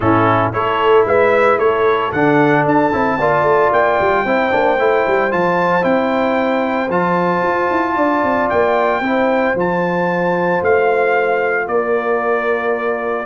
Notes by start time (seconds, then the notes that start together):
0.00 A2 C#4 E4 A4
0.52 A3 E4 A4 C#5
1.05 G#3 B4 E5
1.57 A3 A4 C#5
2.12 D3 D4 F#5
2.65 D4 A5
2.92 C4 E4
3.18 A#3 F4 D5
3.42 A3
3.72 A#3 G5
4.00 G3
4.24 C4 E4 C5
4.50 A#3 D4
4.78 A3 E4
5.07 G3
5.30 F3 F4 A5
5.81 C4 E4 G5
6.89 F3 F4 A5
7.42 F4
7.70 E4
7.95 D4 D5
8.23 C4
8.49 A#3 G5
9.00 C4 E4 C5
9.54 F3 F4 A5
10.61 A3 F5
11.67 A#3 A#4 D5